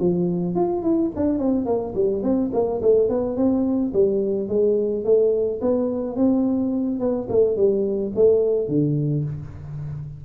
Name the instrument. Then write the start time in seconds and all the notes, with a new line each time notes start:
tuba
0.00 F3
0.56 F4
0.83 E4
1.16 D4
1.39 C4
1.66 A#3
1.95 G3
2.23 C4
2.54 A#3
2.82 A3
3.09 B3
3.37 C4
3.94 G3
4.49 G#3
5.05 A3
5.62 B3
6.17 C4
7.00 B3
7.30 A3
7.57 G3
8.16 A3
8.69 D3